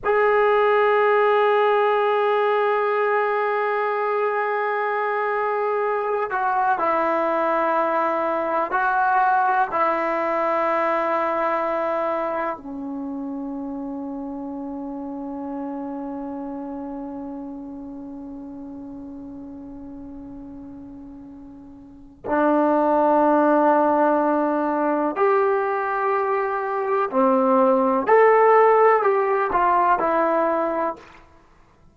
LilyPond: \new Staff \with { instrumentName = "trombone" } { \time 4/4 \tempo 4 = 62 gis'1~ | gis'2~ gis'8 fis'8 e'4~ | e'4 fis'4 e'2~ | e'4 cis'2.~ |
cis'1~ | cis'2. d'4~ | d'2 g'2 | c'4 a'4 g'8 f'8 e'4 | }